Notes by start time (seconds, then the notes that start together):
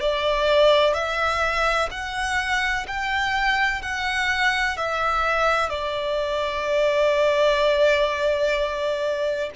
0.00 D5
0.94 E5
1.91 F#5
2.87 G5
3.82 F#5
4.77 E5
5.69 D5